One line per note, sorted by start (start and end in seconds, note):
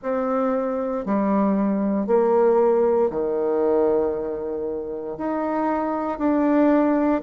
0.02 1.05 C4
1.05 2.06 G3
2.06 3.10 A#3
3.10 5.17 D#3
5.17 6.18 D#4
6.18 7.21 D4